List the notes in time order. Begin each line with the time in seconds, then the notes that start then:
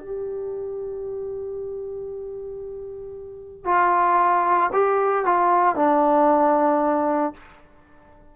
0.00 G4
3.65 F4
4.73 G4
5.25 F4
5.76 D4